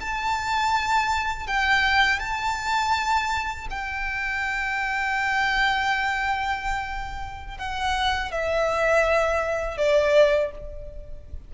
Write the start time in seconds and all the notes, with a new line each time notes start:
0.00 A5
1.47 G5
2.19 A5
3.70 G5
7.58 F#5
8.31 E5
9.77 D5